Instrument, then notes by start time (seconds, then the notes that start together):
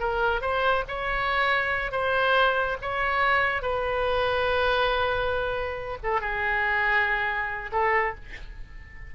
oboe
0.00 A#4
0.42 C5
0.89 C#5
1.92 C5
2.82 C#5
3.62 B4
6.04 A4
6.21 G#4
7.73 A4